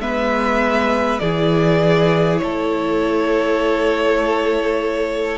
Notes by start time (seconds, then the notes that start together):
0.00 G#3 B3 B4 E5
1.19 E3 E4 G#4 D5
2.38 A3 A4 C#5